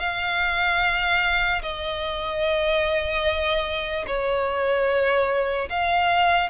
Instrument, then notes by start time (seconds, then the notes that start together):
violin
0.00 F5
1.63 D#5
4.07 C#5
5.70 F5